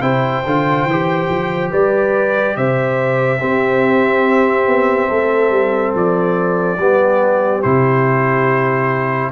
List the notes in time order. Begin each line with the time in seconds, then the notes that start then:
0.00 C3 E4 C5 G5
0.46 D3 F4
0.85 E3 G4
1.29 F3
1.70 G3 B4 D5
2.56 C3 C5 E5
3.39 C4 G4
4.66 B3
5.08 A3 A4
5.50 G3
5.94 F3 D5
6.78 G3 B3 G4
7.62 C3 E4 C5